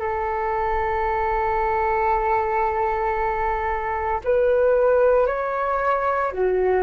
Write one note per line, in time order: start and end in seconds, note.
0.00 4.21 A4
4.25 5.27 B4
5.27 6.33 C#5
6.33 6.84 F#4